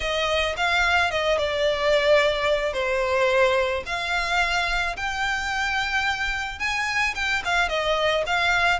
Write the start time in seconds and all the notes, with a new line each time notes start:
0.00 D#5
0.57 F5
1.10 D#5
1.38 D5
2.73 C5
3.85 F5
4.96 G5
6.59 G#5
7.15 G5
7.44 F5
7.69 D#5
8.26 F5